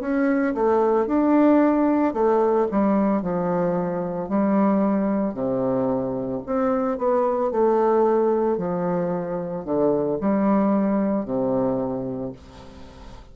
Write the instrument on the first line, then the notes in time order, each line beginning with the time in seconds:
bassoon
0.00 C#4
0.54 A3
1.07 D4
2.13 A3
2.71 G3
3.21 F3
4.29 G3
5.33 C3
6.46 C4
6.98 B3
7.50 A3
8.58 F3
9.65 D3
10.20 G3
11.25 C3